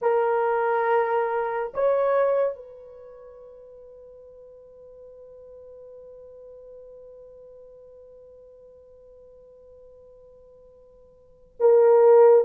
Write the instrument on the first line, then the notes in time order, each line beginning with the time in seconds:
horn
0.01 A#4
1.74 C#5
2.55 B4
11.59 A#4